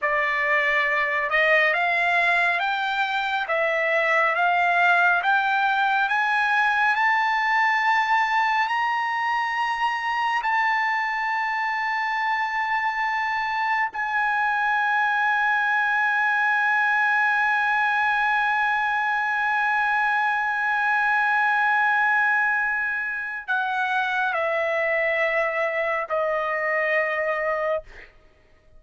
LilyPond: \new Staff \with { instrumentName = "trumpet" } { \time 4/4 \tempo 4 = 69 d''4. dis''8 f''4 g''4 | e''4 f''4 g''4 gis''4 | a''2 ais''2 | a''1 |
gis''1~ | gis''1~ | gis''2. fis''4 | e''2 dis''2 | }